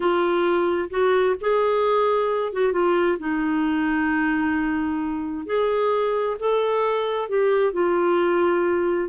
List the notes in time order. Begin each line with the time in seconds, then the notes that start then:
0.00 F4
0.90 F#4
1.40 G#4
2.52 F#4
2.72 F4
3.18 D#4
5.45 G#4
6.39 A4
7.28 G4
7.72 F4